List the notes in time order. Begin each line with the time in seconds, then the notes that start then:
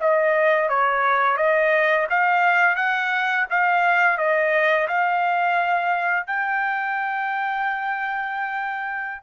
0.00 D#5
0.69 C#5
1.37 D#5
2.10 F5
2.76 F#5
3.50 F5
4.18 D#5
4.87 F5
6.27 G5